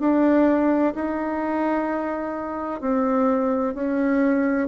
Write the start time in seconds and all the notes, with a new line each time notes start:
0.00 D4
0.95 D#4
2.81 C4
3.75 C#4